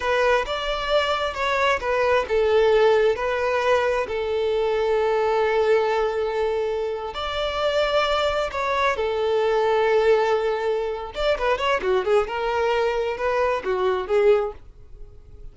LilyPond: \new Staff \with { instrumentName = "violin" } { \time 4/4 \tempo 4 = 132 b'4 d''2 cis''4 | b'4 a'2 b'4~ | b'4 a'2.~ | a'2.~ a'8. d''16~ |
d''2~ d''8. cis''4 a'16~ | a'1~ | a'8 d''8 b'8 cis''8 fis'8 gis'8 ais'4~ | ais'4 b'4 fis'4 gis'4 | }